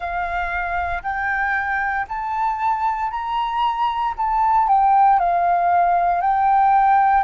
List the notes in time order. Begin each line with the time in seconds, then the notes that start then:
0.00 F5
1.03 G5
2.08 A5
3.10 A#5
4.17 A5
4.68 G5
5.19 F5
6.21 G5